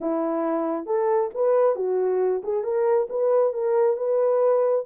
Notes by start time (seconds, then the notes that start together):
0.00 E4
0.86 A4
1.34 B4
1.75 F#4
2.43 G#4
2.63 A#4
3.09 B4
3.53 A#4
3.97 B4